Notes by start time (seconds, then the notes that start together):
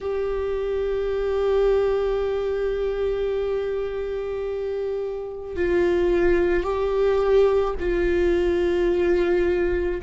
0.01 G4
5.56 F4
6.63 G4
7.79 F4